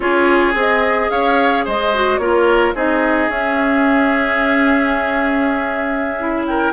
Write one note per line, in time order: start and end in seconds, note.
0.00 0.54 C#4
0.00 0.53 F4
0.00 1.11 G#4
0.00 0.54 C#5
0.54 1.09 C4
0.54 1.92 G#4
0.54 1.10 D#5
1.10 1.65 C#4
1.10 1.65 C#5
1.10 1.65 F5
1.65 2.18 G#3
1.65 2.20 C5
1.65 2.18 D#5
1.93 2.21 F#4
2.18 2.73 A#3
2.18 2.75 F4
2.18 2.75 A#4
2.18 2.73 C#5
2.74 3.28 C4
2.74 3.30 D#4
2.74 6.46 G#4
2.74 3.30 D#5
3.28 6.72 C#4
3.28 6.19 C#4
3.28 6.46 E5
6.19 6.72 E4
6.46 6.72 A#4
6.46 6.72 G5